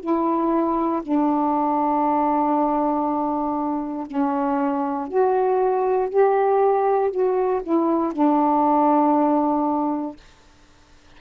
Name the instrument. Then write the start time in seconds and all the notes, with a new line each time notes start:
saxophone
0.00 E4
1.02 D4
4.06 C#4
5.08 F#4
6.09 G4
7.11 F#4
7.63 E4
8.13 D4